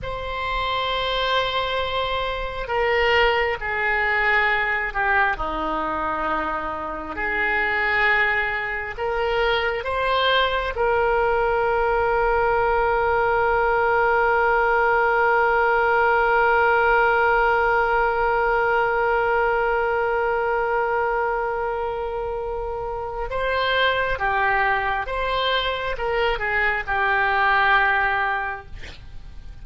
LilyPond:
\new Staff \with { instrumentName = "oboe" } { \time 4/4 \tempo 4 = 67 c''2. ais'4 | gis'4. g'8 dis'2 | gis'2 ais'4 c''4 | ais'1~ |
ais'1~ | ais'1~ | ais'2 c''4 g'4 | c''4 ais'8 gis'8 g'2 | }